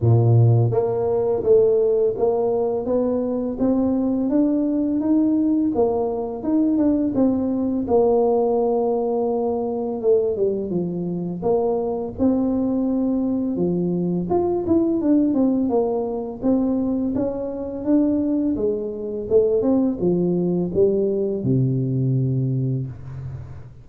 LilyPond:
\new Staff \with { instrumentName = "tuba" } { \time 4/4 \tempo 4 = 84 ais,4 ais4 a4 ais4 | b4 c'4 d'4 dis'4 | ais4 dis'8 d'8 c'4 ais4~ | ais2 a8 g8 f4 |
ais4 c'2 f4 | f'8 e'8 d'8 c'8 ais4 c'4 | cis'4 d'4 gis4 a8 c'8 | f4 g4 c2 | }